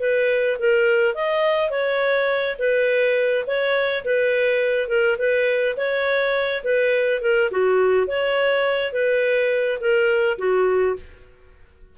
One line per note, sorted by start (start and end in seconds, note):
0.00 0.58 B4
0.59 1.15 A#4
1.15 1.70 D#5
1.70 2.57 C#5
2.59 3.45 B4
3.47 4.05 C#5
4.05 4.89 B4
4.89 5.17 A#4
5.19 5.76 B4
5.77 6.63 C#5
6.64 7.22 B4
7.22 7.51 A#4
7.51 8.07 F#4
8.07 8.93 C#5
8.93 9.79 B4
9.81 10.38 A#4
10.38 10.96 F#4